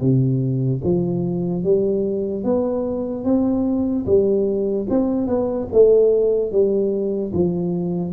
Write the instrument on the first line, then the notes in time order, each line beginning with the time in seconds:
tuba
0.00 C3
0.84 F3
1.63 G3
2.44 B3
3.24 C4
4.05 G3
4.89 C4
5.27 B3
5.72 A3
6.51 G3
7.33 F3